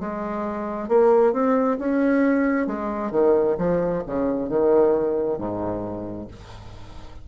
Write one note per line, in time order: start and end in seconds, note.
0.00 0.89 G#3
0.89 1.33 A#3
1.33 1.78 C4
1.79 2.67 C#4
2.67 3.11 G#3
3.11 3.56 D#3
3.58 4.03 F3
4.06 4.49 C#3
4.49 5.38 D#3
5.38 6.28 G#2